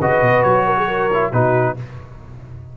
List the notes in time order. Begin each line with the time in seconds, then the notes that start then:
0.00 C#3 F#4 B4 D#5
0.22 B2
0.43 F#3 C#5
0.66 A#4
0.77 G#4
0.88 A#4
1.14 E4
1.32 B2 D#4 F#4 B4